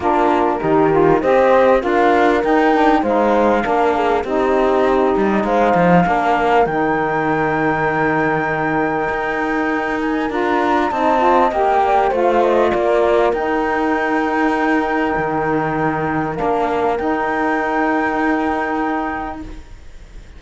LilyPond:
<<
  \new Staff \with { instrumentName = "flute" } { \time 4/4 \tempo 4 = 99 ais'2 dis''4 f''4 | g''4 f''2 dis''4~ | dis''4 f''2 g''4~ | g''1~ |
g''8 gis''8 ais''4 a''4 g''4 | f''8 dis''8 d''4 g''2~ | g''2. f''4 | g''1 | }
  \new Staff \with { instrumentName = "horn" } { \time 4/4 f'4 g'4 c''4 ais'4~ | ais'4 c''4 ais'8 gis'8 g'4~ | g'4 c''4 ais'2~ | ais'1~ |
ais'2 dis''4. d''8 | c''4 ais'2.~ | ais'1~ | ais'1 | }
  \new Staff \with { instrumentName = "saxophone" } { \time 4/4 d'4 dis'8 f'8 g'4 f'4 | dis'8 d'8 dis'4 d'4 dis'4~ | dis'2 d'4 dis'4~ | dis'1~ |
dis'4 f'4 dis'8 f'8 g'4 | f'2 dis'2~ | dis'2. d'4 | dis'1 | }
  \new Staff \with { instrumentName = "cello" } { \time 4/4 ais4 dis4 c'4 d'4 | dis'4 gis4 ais4 c'4~ | c'8 g8 gis8 f8 ais4 dis4~ | dis2. dis'4~ |
dis'4 d'4 c'4 ais4 | a4 ais4 dis'2~ | dis'4 dis2 ais4 | dis'1 | }
>>